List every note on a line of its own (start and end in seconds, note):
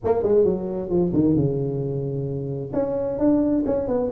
0.04 0.22 A#3
0.22 0.44 G#3
0.44 0.89 F#3
0.89 1.12 F3
1.13 1.35 D#3
1.35 2.72 C#3
2.73 3.18 C#4
3.18 3.64 D4
3.65 3.87 C#4
3.87 4.10 B3